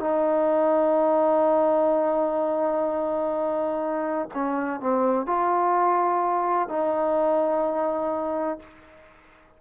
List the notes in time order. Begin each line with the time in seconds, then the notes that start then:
0.00 D#4
4.34 C#4
4.80 C4
5.26 F4
6.69 D#4